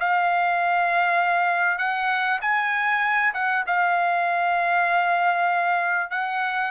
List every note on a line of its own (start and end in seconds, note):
0.00 1.79 F5
1.79 2.40 F#5
2.42 3.34 G#5
3.35 3.65 F#5
3.67 6.11 F5
6.11 6.72 F#5